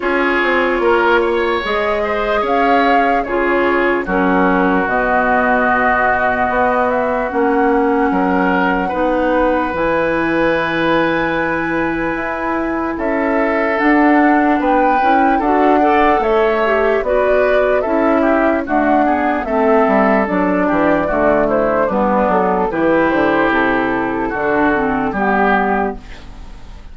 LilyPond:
<<
  \new Staff \with { instrumentName = "flute" } { \time 4/4 \tempo 4 = 74 cis''2 dis''4 f''4 | cis''4 ais'4 dis''2~ | dis''8 e''8 fis''2. | gis''1 |
e''4 fis''4 g''4 fis''4 | e''4 d''4 e''4 fis''4 | e''4 d''4. c''8 b'8 a'8 | b'8 c''8 a'2 g'4 | }
  \new Staff \with { instrumentName = "oboe" } { \time 4/4 gis'4 ais'8 cis''4 c''8 cis''4 | gis'4 fis'2.~ | fis'2 ais'4 b'4~ | b'1 |
a'2 b'4 a'8 d''8 | cis''4 b'4 a'8 g'8 fis'8 gis'8 | a'4. g'8 fis'8 e'8 d'4 | g'2 fis'4 g'4 | }
  \new Staff \with { instrumentName = "clarinet" } { \time 4/4 f'2 gis'2 | f'4 cis'4 b2~ | b4 cis'2 dis'4 | e'1~ |
e'4 d'4. e'8 fis'8 a'8~ | a'8 g'8 fis'4 e'4 a8 b8 | c'4 d'4 a4 b4 | e'2 d'8 c'8 b4 | }
  \new Staff \with { instrumentName = "bassoon" } { \time 4/4 cis'8 c'8 ais4 gis4 cis'4 | cis4 fis4 b,2 | b4 ais4 fis4 b4 | e2. e'4 |
cis'4 d'4 b8 cis'8 d'4 | a4 b4 cis'4 d'4 | a8 g8 fis8 e8 d4 g8 fis8 | e8 d8 c4 d4 g4 | }
>>